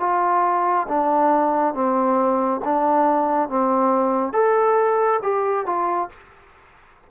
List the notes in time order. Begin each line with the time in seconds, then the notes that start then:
0.00 F4
0.88 D4
1.74 C4
2.64 D4
3.49 C4
4.33 A4
5.23 G4
5.66 F4